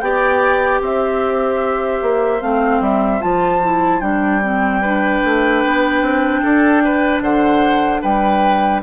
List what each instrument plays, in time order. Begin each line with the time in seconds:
0.00 bassoon B3, clarinet G4, oboe D5, flute G5
0.80 bassoon C4, oboe C5, flute E5
2.02 bassoon A#3
2.41 bassoon A3, clarinet C4, flute F5
2.80 bassoon G3, flute E5
3.20 bassoon F3, clarinet F4, flute A5
3.62 clarinet E4
4.00 bassoon G3, clarinet D4, flute G5
4.43 clarinet C4
4.81 clarinet D4, oboe B4
5.24 bassoon A3
5.65 bassoon B3
6.01 bassoon C4
6.43 bassoon D4, oboe A4
6.84 oboe B4
7.21 bassoon D3, oboe C5, flute F#5
8.02 bassoon G3, oboe B4, flute G5